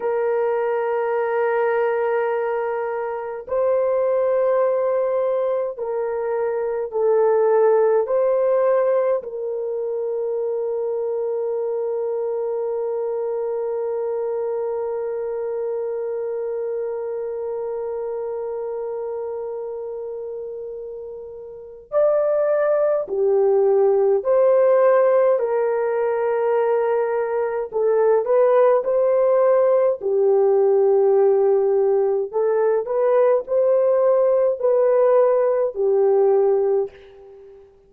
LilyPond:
\new Staff \with { instrumentName = "horn" } { \time 4/4 \tempo 4 = 52 ais'2. c''4~ | c''4 ais'4 a'4 c''4 | ais'1~ | ais'1~ |
ais'2. d''4 | g'4 c''4 ais'2 | a'8 b'8 c''4 g'2 | a'8 b'8 c''4 b'4 g'4 | }